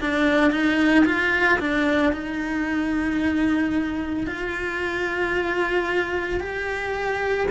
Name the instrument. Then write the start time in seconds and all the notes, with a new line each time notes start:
cello
0.00 D4
0.51 D#4
1.05 F4
1.59 D4
2.12 D#4
4.26 F4
6.40 G4